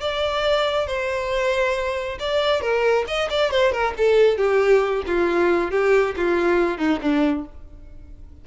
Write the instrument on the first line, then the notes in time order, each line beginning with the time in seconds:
violin
0.00 D5
0.87 C5
2.19 D5
2.61 A#4
3.07 D#5
3.30 D5
3.51 C5
3.72 A#4
3.97 A4
4.37 G4
5.06 F4
5.71 G4
6.16 F4
6.77 D#4
7.01 D4